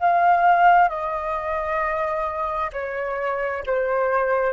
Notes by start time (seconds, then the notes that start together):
0.00 F5
0.89 D#5
2.73 C#5
3.67 C5